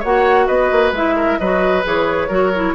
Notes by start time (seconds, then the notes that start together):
0.00 A#3 F#4 C#5 F#5
0.47 B3 B4 D#5
0.71 A#3
0.92 G#3 E4 E5
1.16 A#4
1.38 F#3 F#4 B4 D#5
1.83 E3 G#4 C#5
2.28 F#3 F#4 A#4
2.55 E4